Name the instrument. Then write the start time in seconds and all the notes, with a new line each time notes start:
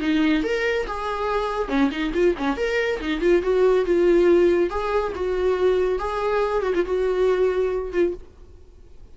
viola
0.00 D#4
0.43 A#4
0.87 G#4
1.68 C#4
1.91 D#4
2.14 F4
2.38 C#4
2.57 A#4
3.00 D#4
3.21 F4
3.42 F#4
3.85 F4
4.70 G#4
5.15 F#4
5.99 G#4
6.62 F#4
6.75 F4
6.85 F#4
7.92 F4